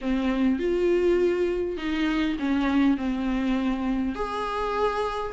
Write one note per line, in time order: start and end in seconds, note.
0.01 0.59 C4
0.59 1.77 F4
1.77 2.36 D#4
2.39 2.97 C#4
2.97 4.14 C4
4.14 5.32 G#4